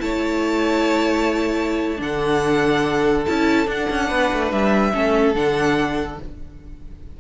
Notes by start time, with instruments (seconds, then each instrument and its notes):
0.00 cello A3, viola E4, violin C#5 A5
1.97 cello D3, viola D4, violin A4 F#5
3.26 cello C#4, viola E4, violin A5
3.67 viola D4, cello D4, violin F#5
3.90 cello C#4
4.08 cello B3, violin B4
4.33 cello A3
4.52 cello G3, violin E5
4.93 cello A3, viola C#4, violin A4
5.35 cello D3, viola D4, violin F#5